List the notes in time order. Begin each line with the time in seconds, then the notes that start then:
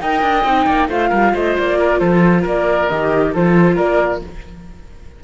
0.00 D#4 A#4 D#5 G5
0.22 D4
0.44 C4 D#4
0.66 A#3 D5
0.89 A3 F4 C5 F5
1.09 G3 A#4
1.34 A3 C5 D#5
1.58 A#3 D5
1.78 A#4
1.99 F3 A4 C5
2.42 A#3 A#4 D5
2.89 D#3 G4 D#5
3.33 F3 F4 A4 C5
3.76 A#3 A#4 D5